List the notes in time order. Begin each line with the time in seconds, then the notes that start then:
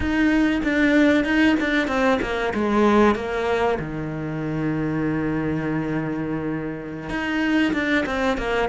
0.00 D#4
0.63 D4
1.24 D#4
1.60 D4
1.87 C4
2.21 A#3
2.53 G#3
3.15 A#3
3.79 D#3
7.09 D#4
7.73 D4
8.06 C4
8.37 A#3